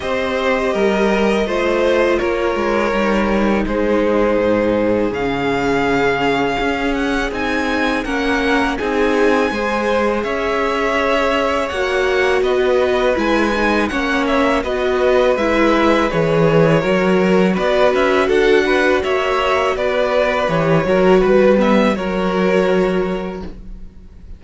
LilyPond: <<
  \new Staff \with { instrumentName = "violin" } { \time 4/4 \tempo 4 = 82 dis''2. cis''4~ | cis''4 c''2 f''4~ | f''4. fis''8 gis''4 fis''4 | gis''2 e''2 |
fis''4 dis''4 gis''4 fis''8 e''8 | dis''4 e''4 cis''2 | d''8 e''8 fis''4 e''4 d''4 | cis''4 b'4 cis''2 | }
  \new Staff \with { instrumentName = "violin" } { \time 4/4 c''4 ais'4 c''4 ais'4~ | ais'4 gis'2.~ | gis'2. ais'4 | gis'4 c''4 cis''2~ |
cis''4 b'2 cis''4 | b'2. ais'4 | b'4 a'8 b'8 cis''4 b'4~ | b'8 ais'8 b'8 e''8 ais'2 | }
  \new Staff \with { instrumentName = "viola" } { \time 4/4 g'2 f'2 | dis'2. cis'4~ | cis'2 dis'4 cis'4 | dis'4 gis'2. |
fis'2 e'8 dis'8 cis'4 | fis'4 e'4 gis'4 fis'4~ | fis'1 | g'8 fis'4 b8 fis'2 | }
  \new Staff \with { instrumentName = "cello" } { \time 4/4 c'4 g4 a4 ais8 gis8 | g4 gis4 gis,4 cis4~ | cis4 cis'4 c'4 ais4 | c'4 gis4 cis'2 |
ais4 b4 gis4 ais4 | b4 gis4 e4 fis4 | b8 cis'8 d'4 ais4 b4 | e8 fis8 g4 fis2 | }
>>